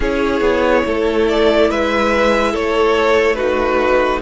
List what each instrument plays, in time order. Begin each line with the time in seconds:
0.00 cello C#4, viola E4, violin G#4 C#5
0.40 cello B3
0.85 cello A3, violin A4
1.28 violin D5
1.69 cello G#3, violin B4 E5
2.51 cello A3, violin A4 C#5
3.35 viola D#4, violin F#4 B4